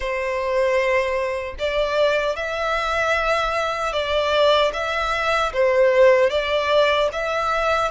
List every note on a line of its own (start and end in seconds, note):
0.00 1.55 C5
1.58 2.36 D5
2.36 3.92 E5
3.92 4.71 D5
4.73 5.52 E5
5.53 6.30 C5
6.30 7.09 D5
7.12 7.91 E5